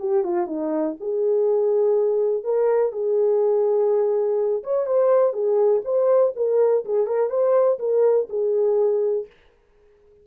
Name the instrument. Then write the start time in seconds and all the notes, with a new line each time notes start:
horn
0.00 G4
0.24 F4
0.47 D#4
1.00 G#4
2.44 A#4
2.93 G#4
4.64 C#5
4.87 C5
5.33 G#4
5.85 C5
6.36 A#4
6.85 G#4
7.07 A#4
7.30 C5
7.80 A#4
8.30 G#4